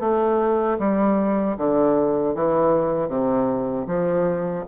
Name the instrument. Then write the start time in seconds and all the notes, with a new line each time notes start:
bassoon
0.00 A3
0.79 G3
1.57 D3
2.35 E3
3.08 C3
3.87 F3